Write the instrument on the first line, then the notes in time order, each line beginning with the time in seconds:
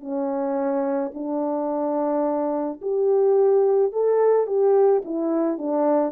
horn
0.00 C#4
1.14 D4
2.81 G4
3.92 A4
4.46 G4
5.05 E4
5.58 D4